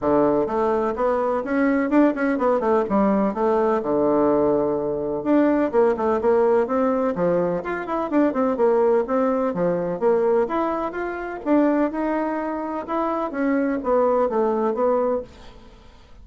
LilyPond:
\new Staff \with { instrumentName = "bassoon" } { \time 4/4 \tempo 4 = 126 d4 a4 b4 cis'4 | d'8 cis'8 b8 a8 g4 a4 | d2. d'4 | ais8 a8 ais4 c'4 f4 |
f'8 e'8 d'8 c'8 ais4 c'4 | f4 ais4 e'4 f'4 | d'4 dis'2 e'4 | cis'4 b4 a4 b4 | }